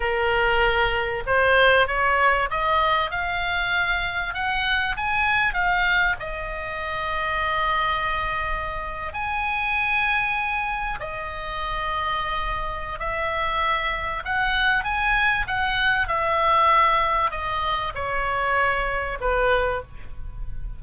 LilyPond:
\new Staff \with { instrumentName = "oboe" } { \time 4/4 \tempo 4 = 97 ais'2 c''4 cis''4 | dis''4 f''2 fis''4 | gis''4 f''4 dis''2~ | dis''2~ dis''8. gis''4~ gis''16~ |
gis''4.~ gis''16 dis''2~ dis''16~ | dis''4 e''2 fis''4 | gis''4 fis''4 e''2 | dis''4 cis''2 b'4 | }